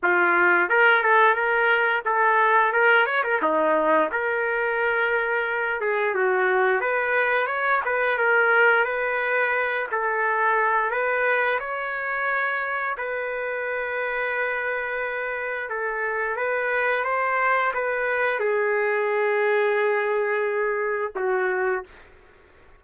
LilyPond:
\new Staff \with { instrumentName = "trumpet" } { \time 4/4 \tempo 4 = 88 f'4 ais'8 a'8 ais'4 a'4 | ais'8 cis''16 ais'16 dis'4 ais'2~ | ais'8 gis'8 fis'4 b'4 cis''8 b'8 | ais'4 b'4. a'4. |
b'4 cis''2 b'4~ | b'2. a'4 | b'4 c''4 b'4 gis'4~ | gis'2. fis'4 | }